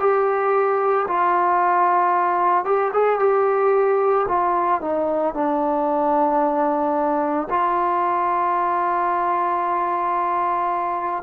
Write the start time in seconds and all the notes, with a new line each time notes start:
0.00 G4
1.08 F4
2.65 G4
2.94 G#4
3.20 G4
4.29 F4
4.82 D#4
5.34 D4
7.50 F4